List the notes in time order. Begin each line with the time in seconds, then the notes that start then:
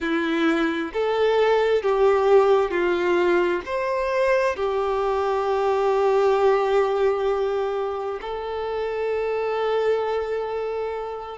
0.00 E4
0.93 A4
1.82 G4
2.70 F4
3.65 C5
4.56 G4
8.21 A4